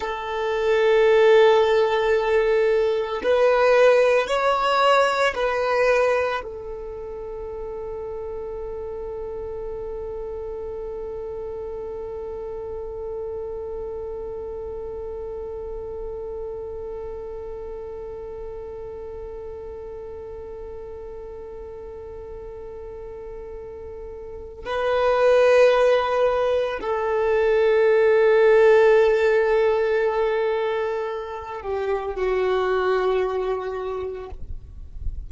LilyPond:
\new Staff \with { instrumentName = "violin" } { \time 4/4 \tempo 4 = 56 a'2. b'4 | cis''4 b'4 a'2~ | a'1~ | a'1~ |
a'1~ | a'2. b'4~ | b'4 a'2.~ | a'4. g'8 fis'2 | }